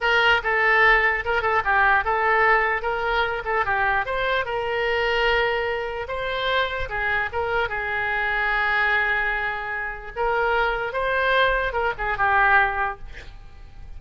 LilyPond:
\new Staff \with { instrumentName = "oboe" } { \time 4/4 \tempo 4 = 148 ais'4 a'2 ais'8 a'8 | g'4 a'2 ais'4~ | ais'8 a'8 g'4 c''4 ais'4~ | ais'2. c''4~ |
c''4 gis'4 ais'4 gis'4~ | gis'1~ | gis'4 ais'2 c''4~ | c''4 ais'8 gis'8 g'2 | }